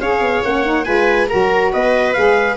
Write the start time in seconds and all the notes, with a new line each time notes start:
0.00 C#4 G#4 C#5 F5
0.20 B3
0.44 A#3 C#4 F#5
0.65 D#4
0.84 G#3 F4 B4 G#5
1.29 F#3 F#4 A#4 A#5
1.72 B3 B4 D#5
2.13 G#3 G#4 F5